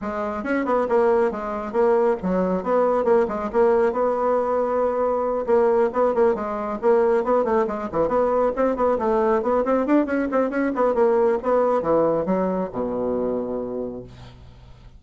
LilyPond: \new Staff \with { instrumentName = "bassoon" } { \time 4/4 \tempo 4 = 137 gis4 cis'8 b8 ais4 gis4 | ais4 fis4 b4 ais8 gis8 | ais4 b2.~ | b8 ais4 b8 ais8 gis4 ais8~ |
ais8 b8 a8 gis8 e8 b4 c'8 | b8 a4 b8 c'8 d'8 cis'8 c'8 | cis'8 b8 ais4 b4 e4 | fis4 b,2. | }